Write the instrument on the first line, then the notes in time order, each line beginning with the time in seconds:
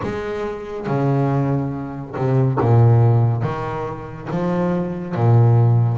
double bass
0.02 G#3
0.86 C#3
2.16 C3
2.59 A#2
3.42 D#3
4.30 F3
5.14 A#2